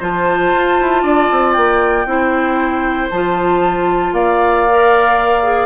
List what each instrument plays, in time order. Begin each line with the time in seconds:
0.00 bassoon F3, clarinet F4, oboe C5, flute A5
0.54 bassoon F4
0.81 bassoon E4
1.03 bassoon D4, oboe D5
1.32 bassoon C4
1.53 bassoon A#3, flute G5
2.06 bassoon C4, clarinet E4, oboe C5
3.10 bassoon F3, clarinet F4, flute A5
4.13 bassoon A#3, oboe D5, flute F5
4.70 clarinet A#4
5.43 clarinet G#4